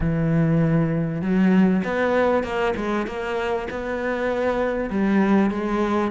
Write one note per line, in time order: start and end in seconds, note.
0.00 1.21 E3
1.21 1.83 F#3
1.83 2.43 B3
2.43 2.74 A#3
2.76 3.06 G#3
3.06 3.68 A#3
3.70 4.90 B3
4.90 5.50 G3
5.50 6.11 G#3